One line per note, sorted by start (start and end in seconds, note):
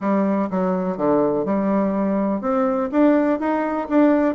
0.00 0.49 G3
0.50 0.97 F#3
0.97 1.45 D3
1.45 2.41 G3
2.41 2.89 C4
2.91 3.39 D4
3.39 3.87 D#4
3.89 4.35 D4